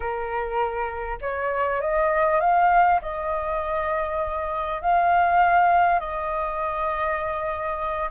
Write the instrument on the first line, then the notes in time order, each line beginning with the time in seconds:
flute
0.00 A#4
1.21 C#5
1.81 D#5
2.40 F5
3.01 D#5
4.81 F5
5.99 D#5